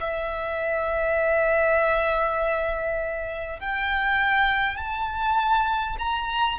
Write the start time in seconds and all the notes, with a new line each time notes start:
0.00 E5
3.59 G5
4.77 A5
5.99 A#5